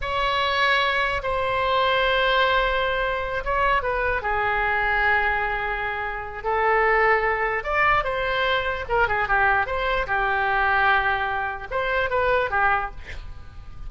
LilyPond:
\new Staff \with { instrumentName = "oboe" } { \time 4/4 \tempo 4 = 149 cis''2. c''4~ | c''1~ | c''8 cis''4 b'4 gis'4.~ | gis'1 |
a'2. d''4 | c''2 ais'8 gis'8 g'4 | c''4 g'2.~ | g'4 c''4 b'4 g'4 | }